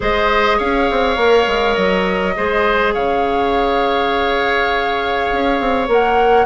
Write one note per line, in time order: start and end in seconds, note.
0.00 0.60 G#3
0.00 1.17 G#4
0.00 0.57 C5
0.00 0.59 D#5
0.57 0.89 C#4
0.57 2.34 C#5
0.57 1.74 F5
0.90 1.16 C4
1.16 1.45 A#3
1.16 2.34 A#4
1.47 1.76 G#3
1.74 2.35 F#3
1.74 2.92 D#5
2.36 2.94 G#3
2.36 5.88 G#4
2.36 2.94 C5
2.94 5.30 C#3
2.94 6.45 C#5
2.94 5.88 F5
5.31 5.60 C#4
5.60 5.88 C4
5.88 6.45 A#3
5.88 6.45 A#4
5.88 6.45 F#5